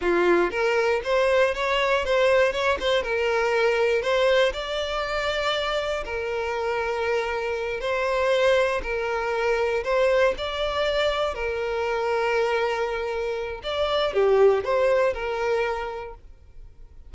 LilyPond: \new Staff \with { instrumentName = "violin" } { \time 4/4 \tempo 4 = 119 f'4 ais'4 c''4 cis''4 | c''4 cis''8 c''8 ais'2 | c''4 d''2. | ais'2.~ ais'8 c''8~ |
c''4. ais'2 c''8~ | c''8 d''2 ais'4.~ | ais'2. d''4 | g'4 c''4 ais'2 | }